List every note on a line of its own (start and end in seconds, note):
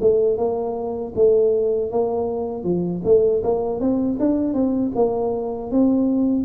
0.00 0.37 A3
0.37 1.13 A#3
1.15 1.91 A3
1.91 2.63 A#3
2.63 3.01 F3
3.04 3.42 A3
3.43 3.80 A#3
3.80 4.18 C4
4.19 4.53 D4
4.53 4.91 C4
4.95 5.71 A#3
5.71 6.44 C4